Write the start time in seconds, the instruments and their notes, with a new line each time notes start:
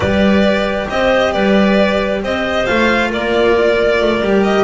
0.00 double bass G3, cello G4, clarinet B4, violin D5
0.89 double bass C4, clarinet C5, violin D#5
1.32 double bass G3, clarinet B4, violin D5
2.22 double bass C4, clarinet C5, violin D#5
2.65 double bass A3, cello F4, violin F5
3.10 double bass A#3, clarinet A#4, violin D5
4.00 double bass A3
4.21 double bass G3, cello G4
4.43 violin D#5